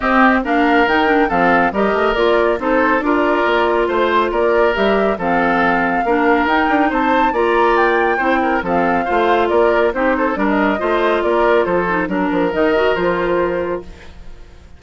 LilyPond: <<
  \new Staff \with { instrumentName = "flute" } { \time 4/4 \tempo 4 = 139 dis''4 f''4 g''4 f''4 | dis''4 d''4 c''4 d''4~ | d''4 c''4 d''4 e''4 | f''2. g''4 |
a''4 ais''4 g''2 | f''2 d''4 c''4 | d''16 dis''4.~ dis''16 d''4 c''4 | ais'4 dis''4 c''2 | }
  \new Staff \with { instrumentName = "oboe" } { \time 4/4 g'4 ais'2 a'4 | ais'2 a'4 ais'4~ | ais'4 c''4 ais'2 | a'2 ais'2 |
c''4 d''2 c''8 ais'8 | a'4 c''4 ais'4 g'8 a'8 | ais'4 c''4 ais'4 a'4 | ais'1 | }
  \new Staff \with { instrumentName = "clarinet" } { \time 4/4 c'4 d'4 dis'8 d'8 c'4 | g'4 f'4 dis'4 f'4~ | f'2. g'4 | c'2 d'4 dis'4~ |
dis'4 f'2 e'4 | c'4 f'2 dis'4 | d'4 f'2~ f'8 dis'8 | d'4 dis'8 fis'8 f'2 | }
  \new Staff \with { instrumentName = "bassoon" } { \time 4/4 c'4 ais4 dis4 f4 | g8 a8 ais4 c'4 d'4 | ais4 a4 ais4 g4 | f2 ais4 dis'8 d'8 |
c'4 ais2 c'4 | f4 a4 ais4 c'4 | g4 a4 ais4 f4 | fis8 f8 dis4 f2 | }
>>